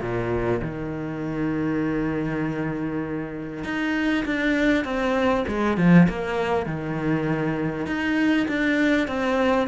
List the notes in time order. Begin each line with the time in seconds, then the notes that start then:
0.00 A#2
0.61 D#3
3.64 D#4
4.25 D4
4.85 C4
5.47 G#3
5.77 F3
6.09 A#3
6.66 D#3
7.86 D#4
8.48 D4
9.07 C4